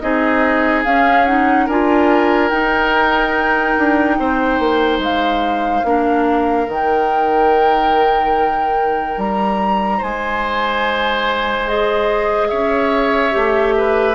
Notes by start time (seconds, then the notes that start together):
0.00 C4 D#4 G#4 D#5
0.85 C#4 F5
1.26 D#4 F#5
1.66 D4 F4 A#4 G#5
2.50 D#4 G5
3.78 D4
4.19 C4 C5
4.60 A#3
4.99 G#3 F5
5.85 A#3 D4 A#4
6.68 D#3 D#4 G5
9.18 G3 A#5
9.98 G#3 C5 G#5
11.68 G#4 D#5
12.49 C#4 C#5 E5
13.32 A3 G4
13.78 B4